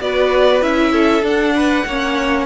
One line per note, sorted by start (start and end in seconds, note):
0.00 0.62 B3
0.00 0.62 F#4
0.00 0.92 B4
0.00 0.63 D5
0.62 1.22 C#4
0.62 1.22 E4
0.62 1.25 E5
0.92 1.54 A4
1.22 1.84 D4
1.22 2.46 F#5
1.55 1.86 B4
1.85 2.46 A#3
1.85 2.46 C#4
1.85 2.46 C#5